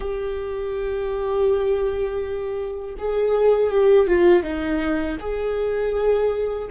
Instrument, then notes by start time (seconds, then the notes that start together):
viola
0.00 G4
2.98 G#4
3.70 G4
4.07 F4
4.42 D#4
5.20 G#4